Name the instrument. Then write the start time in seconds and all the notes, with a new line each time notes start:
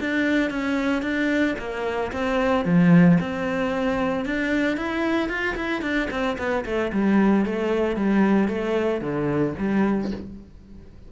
cello
0.00 D4
0.50 C#4
1.02 D4
1.59 A#3
2.12 C4
2.65 F3
3.20 C4
4.25 D4
4.77 E4
5.29 F4
5.56 E4
5.82 D4
6.10 C4
6.38 B3
6.65 A3
6.92 G3
7.45 A3
7.96 G3
8.48 A3
9.01 D3
9.58 G3